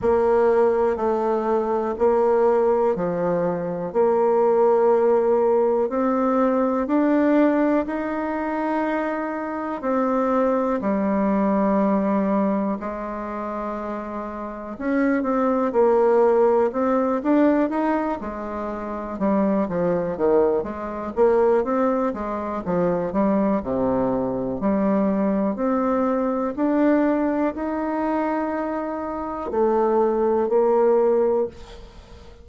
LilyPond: \new Staff \with { instrumentName = "bassoon" } { \time 4/4 \tempo 4 = 61 ais4 a4 ais4 f4 | ais2 c'4 d'4 | dis'2 c'4 g4~ | g4 gis2 cis'8 c'8 |
ais4 c'8 d'8 dis'8 gis4 g8 | f8 dis8 gis8 ais8 c'8 gis8 f8 g8 | c4 g4 c'4 d'4 | dis'2 a4 ais4 | }